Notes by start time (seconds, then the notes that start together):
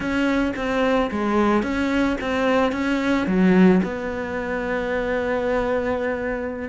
0.00 C#4
0.56 C4
1.11 G#3
1.62 C#4
2.20 C4
2.72 C#4
3.27 F#3
3.83 B3